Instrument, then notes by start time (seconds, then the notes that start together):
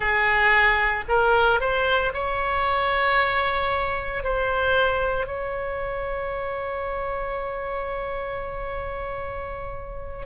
oboe
0.00 G#4
1.08 A#4
1.60 C5
2.13 C#5
4.23 C5
5.26 C#5